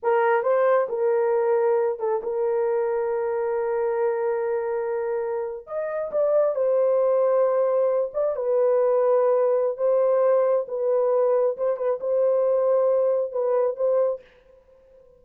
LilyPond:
\new Staff \with { instrumentName = "horn" } { \time 4/4 \tempo 4 = 135 ais'4 c''4 ais'2~ | ais'8 a'8 ais'2.~ | ais'1~ | ais'8. dis''4 d''4 c''4~ c''16~ |
c''2~ c''16 d''8 b'4~ b'16~ | b'2 c''2 | b'2 c''8 b'8 c''4~ | c''2 b'4 c''4 | }